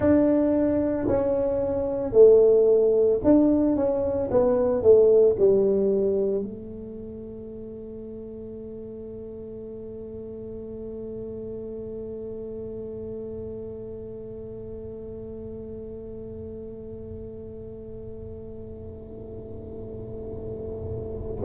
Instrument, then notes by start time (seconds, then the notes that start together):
tuba
0.00 D4
1.08 C#4
2.12 A3
3.24 D4
3.75 C#4
4.31 B3
4.82 A3
5.39 G3
6.42 A3